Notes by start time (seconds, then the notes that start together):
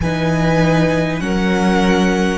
0.00 E3 D#4 B4 G#5
1.20 F#3 C#4 A#4 F#5